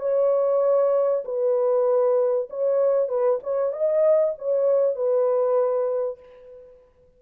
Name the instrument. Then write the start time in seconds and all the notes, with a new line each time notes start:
horn
0.00 C#5
1.25 B4
2.50 C#5
3.08 B4
3.43 C#5
3.73 D#5
4.38 C#5
4.95 B4